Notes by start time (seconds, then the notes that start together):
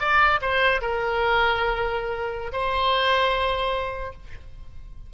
0.00 D5
0.42 C5
0.82 A#4
2.52 C5